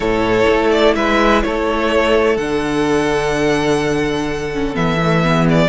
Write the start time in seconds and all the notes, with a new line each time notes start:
0.00 A2 E4 A4 C#5
0.49 A3
0.70 D5
0.95 G#3 B4 E5
1.42 A3 A4 C#5
2.36 D3 D4 F#5
4.53 C#4
4.74 E3 B3 E5
5.02 A3
5.23 B3 G#4
5.49 D5